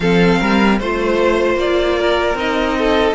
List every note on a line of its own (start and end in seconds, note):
0.00 0.39 F3
0.00 0.80 C4
0.00 0.39 A4
0.00 0.79 F5
0.39 0.80 G3
0.39 0.78 A#4
0.79 1.55 A3
0.79 2.37 F4
0.79 1.58 C5
0.79 1.98 C5
1.55 2.34 A#3
1.55 2.37 D5
1.98 2.77 A#4
2.34 3.13 C4
2.34 3.14 D#4
2.34 3.14 D#5
2.77 3.14 A4